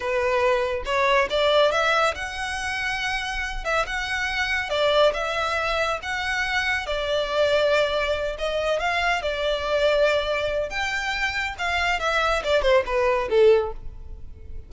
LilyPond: \new Staff \with { instrumentName = "violin" } { \time 4/4 \tempo 4 = 140 b'2 cis''4 d''4 | e''4 fis''2.~ | fis''8 e''8 fis''2 d''4 | e''2 fis''2 |
d''2.~ d''8 dis''8~ | dis''8 f''4 d''2~ d''8~ | d''4 g''2 f''4 | e''4 d''8 c''8 b'4 a'4 | }